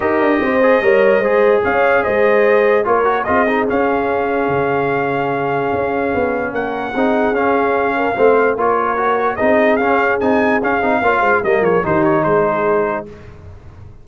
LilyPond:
<<
  \new Staff \with { instrumentName = "trumpet" } { \time 4/4 \tempo 4 = 147 dis''1 | f''4 dis''2 cis''4 | dis''4 f''2.~ | f''1 |
fis''2 f''2~ | f''4 cis''2 dis''4 | f''4 gis''4 f''2 | dis''8 cis''8 c''8 cis''8 c''2 | }
  \new Staff \with { instrumentName = "horn" } { \time 4/4 ais'4 c''4 cis''4 c''4 | cis''4 c''2 ais'4 | gis'1~ | gis'1 |
ais'4 gis'2~ gis'8 ais'8 | c''4 ais'2 gis'4~ | gis'2. cis''8 c''8 | ais'8 gis'8 g'4 gis'2 | }
  \new Staff \with { instrumentName = "trombone" } { \time 4/4 g'4. gis'8 ais'4 gis'4~ | gis'2. f'8 fis'8 | f'8 dis'8 cis'2.~ | cis'1~ |
cis'4 dis'4 cis'2 | c'4 f'4 fis'4 dis'4 | cis'4 dis'4 cis'8 dis'8 f'4 | ais4 dis'2. | }
  \new Staff \with { instrumentName = "tuba" } { \time 4/4 dis'8 d'8 c'4 g4 gis4 | cis'4 gis2 ais4 | c'4 cis'2 cis4~ | cis2 cis'4 b4 |
ais4 c'4 cis'2 | a4 ais2 c'4 | cis'4 c'4 cis'8 c'8 ais8 gis8 | g8 f8 dis4 gis2 | }
>>